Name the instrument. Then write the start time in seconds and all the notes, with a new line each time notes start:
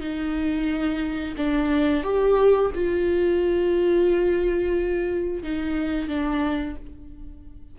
viola
0.00 D#4
1.37 D4
2.03 G4
2.74 F4
5.43 D#4
6.08 D4